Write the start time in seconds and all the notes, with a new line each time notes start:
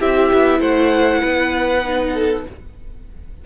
0.00 C4 E4 G4 E5
0.33 B3
0.60 A3 C5 F#5
1.20 B3 B4
1.84 D#4
2.14 A4